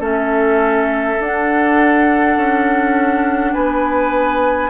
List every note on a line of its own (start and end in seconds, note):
0.00 1.18 A3
0.00 1.19 C#4
0.00 3.53 A4
0.00 1.22 E5
1.20 2.37 D4
1.20 4.71 D4
1.20 3.54 F#5
2.37 3.55 C#4
3.54 4.71 B3
3.54 4.71 B4
3.54 4.71 G#5